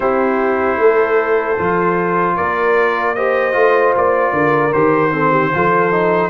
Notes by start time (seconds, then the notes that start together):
0.00 C4 E4 G4 C5
0.77 A3 A4
1.58 F3 F4
2.36 A#3 A#4 D5
3.14 G4 C5 D#5
3.52 A3 F4
3.96 A#3 D5
4.32 D3 A#4
4.73 D#3 G4 C5
5.11 C4 A4
5.30 G4
5.53 F3 F4 A4
5.91 D#4